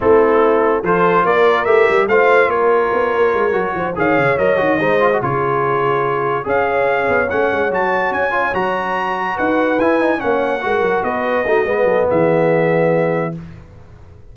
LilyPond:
<<
  \new Staff \with { instrumentName = "trumpet" } { \time 4/4 \tempo 4 = 144 a'2 c''4 d''4 | e''4 f''4 cis''2~ | cis''4. f''4 dis''4.~ | dis''8 cis''2. f''8~ |
f''4. fis''4 a''4 gis''8~ | gis''8 ais''2 fis''4 gis''8~ | gis''8 fis''2 dis''4.~ | dis''4 e''2. | }
  \new Staff \with { instrumentName = "horn" } { \time 4/4 e'2 a'4 ais'4~ | ais'4 c''4 ais'2~ | ais'4 c''8 cis''2 c''8~ | c''8 gis'2. cis''8~ |
cis''1~ | cis''2~ cis''8 b'4.~ | b'8 cis''4 ais'4 b'4 fis'8 | b'8 a'8 gis'2. | }
  \new Staff \with { instrumentName = "trombone" } { \time 4/4 c'2 f'2 | g'4 f'2.~ | f'8 fis'4 gis'4 ais'8 fis'8 dis'8 | f'16 fis'16 f'2. gis'8~ |
gis'4. cis'4 fis'4. | f'8 fis'2. e'8 | dis'8 cis'4 fis'2 dis'8 | b1 | }
  \new Staff \with { instrumentName = "tuba" } { \time 4/4 a2 f4 ais4 | a8 g8 a4 ais4 b8 ais8 | gis8 fis8 f8 dis8 cis8 fis8 dis8 gis8~ | gis8 cis2. cis'8~ |
cis'4 b8 a8 gis8 fis4 cis'8~ | cis'8 fis2 dis'4 e'8~ | e'8 ais4 gis8 fis8 b4 a8 | gis8 fis8 e2. | }
>>